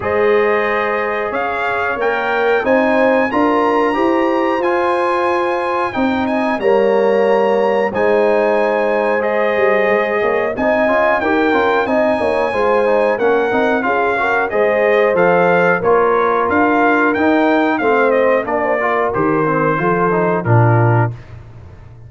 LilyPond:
<<
  \new Staff \with { instrumentName = "trumpet" } { \time 4/4 \tempo 4 = 91 dis''2 f''4 g''4 | gis''4 ais''2 gis''4~ | gis''4 g''8 gis''8 ais''2 | gis''2 dis''2 |
gis''4 g''4 gis''2 | fis''4 f''4 dis''4 f''4 | cis''4 f''4 g''4 f''8 dis''8 | d''4 c''2 ais'4 | }
  \new Staff \with { instrumentName = "horn" } { \time 4/4 c''2 cis''2 | c''4 ais'4 c''2~ | c''4 dis''4 cis''2 | c''2.~ c''8 cis''8 |
dis''4 ais'4 dis''8 cis''8 c''4 | ais'4 gis'8 ais'8 c''2 | ais'2. c''4 | ais'16 c''16 ais'4. a'4 f'4 | }
  \new Staff \with { instrumentName = "trombone" } { \time 4/4 gis'2. ais'4 | dis'4 f'4 g'4 f'4~ | f'4 dis'4 ais2 | dis'2 gis'2 |
dis'8 f'8 g'8 f'8 dis'4 f'8 dis'8 | cis'8 dis'8 f'8 fis'8 gis'4 a'4 | f'2 dis'4 c'4 | d'8 f'8 g'8 c'8 f'8 dis'8 d'4 | }
  \new Staff \with { instrumentName = "tuba" } { \time 4/4 gis2 cis'4 ais4 | c'4 d'4 e'4 f'4~ | f'4 c'4 g2 | gis2~ gis8 g8 gis8 ais8 |
c'8 cis'8 dis'8 cis'8 c'8 ais8 gis4 | ais8 c'8 cis'4 gis4 f4 | ais4 d'4 dis'4 a4 | ais4 dis4 f4 ais,4 | }
>>